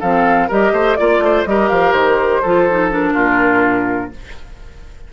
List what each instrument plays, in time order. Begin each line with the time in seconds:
0.00 bassoon F3, clarinet C4, oboe A4, flute F5
0.48 bassoon G3, clarinet G4, oboe A#4, flute D#5
0.72 bassoon A3, oboe C5
0.96 bassoon A#3, clarinet F4, flute D5, oboe D5
1.20 bassoon A3, oboe C5
1.45 bassoon G3, clarinet G4, oboe A#4, flute D#5
1.69 bassoon F3, flute F5
1.92 bassoon D#3, flute C5
2.42 bassoon F3, clarinet F4, oboe A4
2.70 clarinet D#4
2.91 clarinet D4, flute A#4
3.14 bassoon A#2, oboe F4